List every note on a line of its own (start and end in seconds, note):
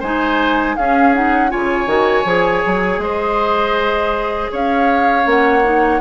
0.00 0.77 G#3
0.00 0.78 D#4
0.00 0.75 C5
0.00 0.76 G#5
0.76 1.53 C#4
0.76 1.14 C#4
0.76 1.51 G#4
0.76 1.14 F5
1.14 1.50 D#4
1.14 1.51 F#5
1.50 1.86 C#3
1.50 1.87 F4
1.50 3.01 C#5
1.50 3.01 G#5
1.86 2.24 D#3
1.86 2.25 F#4
2.25 2.62 F3
2.25 5.24 G#4
2.66 2.98 F#3
2.98 4.48 G#3
2.98 4.52 C5
2.98 4.51 D#5
4.52 5.26 C#4
4.52 6.01 C#5
4.52 5.30 F5
5.24 6.01 A#3
5.24 5.62 C#4
5.24 6.01 F#5
5.64 6.01 D#4